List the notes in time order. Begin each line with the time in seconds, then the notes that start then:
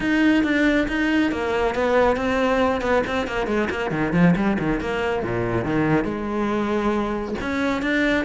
0.00 D#4
0.43 D4
0.88 D#4
1.31 A#3
1.75 B3
2.16 C4
2.81 B3
3.07 C4
3.27 A#3
3.47 G#3
3.70 A#3
3.91 D#3
4.12 F3
4.35 G3
4.59 D#3
4.80 A#3
5.22 A#2
5.64 D#3
6.04 G#3
7.41 C#4
7.81 D4